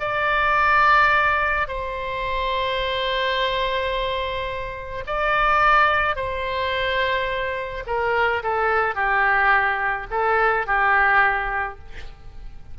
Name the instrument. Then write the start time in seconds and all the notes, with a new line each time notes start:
oboe
0.00 D5
1.68 C5
5.06 D5
6.16 C5
7.87 A#4
8.43 A4
8.95 G4
10.11 A4
10.67 G4